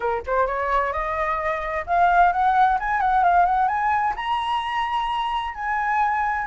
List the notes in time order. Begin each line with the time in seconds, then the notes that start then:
0.00 A#4
0.26 C5
0.46 C#5
0.92 D#5
1.86 F5
2.32 F#5
2.79 G#5
3.00 F#5
3.23 F5
3.45 F#5
3.67 G#5
4.16 A#5
5.54 G#5